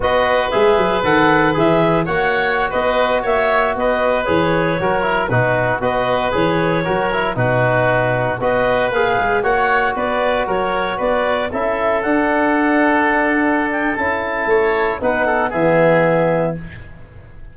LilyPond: <<
  \new Staff \with { instrumentName = "clarinet" } { \time 4/4 \tempo 4 = 116 dis''4 e''4 fis''4 e''4 | fis''4~ fis''16 dis''4 e''4 dis''8.~ | dis''16 cis''2 b'4 dis''8.~ | dis''16 cis''2 b'4.~ b'16~ |
b'16 dis''4 f''4 fis''4 d''8.~ | d''16 cis''4 d''4 e''4 fis''8.~ | fis''2~ fis''8 g''8 a''4~ | a''4 fis''4 e''2 | }
  \new Staff \with { instrumentName = "oboe" } { \time 4/4 b'1 | cis''4~ cis''16 b'4 cis''4 b'8.~ | b'4~ b'16 ais'4 fis'4 b'8.~ | b'4~ b'16 ais'4 fis'4.~ fis'16~ |
fis'16 b'2 cis''4 b'8.~ | b'16 ais'4 b'4 a'4.~ a'16~ | a'1 | cis''4 b'8 a'8 gis'2 | }
  \new Staff \with { instrumentName = "trombone" } { \time 4/4 fis'4 gis'4 a'4 gis'4 | fis'1~ | fis'16 gis'4 fis'8 e'8 dis'4 fis'8.~ | fis'16 gis'4 fis'8 e'8 dis'4.~ dis'16~ |
dis'16 fis'4 gis'4 fis'4.~ fis'16~ | fis'2~ fis'16 e'4 d'8.~ | d'2. e'4~ | e'4 dis'4 b2 | }
  \new Staff \with { instrumentName = "tuba" } { \time 4/4 b4 gis8 fis8 dis4 e4 | ais4~ ais16 b4 ais4 b8.~ | b16 e4 fis4 b,4 b8.~ | b16 e4 fis4 b,4.~ b,16~ |
b,16 b4 ais8 gis8 ais4 b8.~ | b16 fis4 b4 cis'4 d'8.~ | d'2. cis'4 | a4 b4 e2 | }
>>